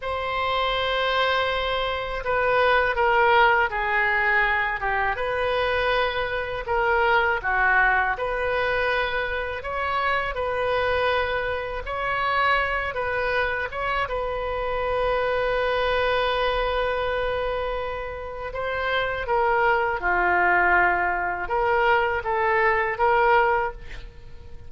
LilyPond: \new Staff \with { instrumentName = "oboe" } { \time 4/4 \tempo 4 = 81 c''2. b'4 | ais'4 gis'4. g'8 b'4~ | b'4 ais'4 fis'4 b'4~ | b'4 cis''4 b'2 |
cis''4. b'4 cis''8 b'4~ | b'1~ | b'4 c''4 ais'4 f'4~ | f'4 ais'4 a'4 ais'4 | }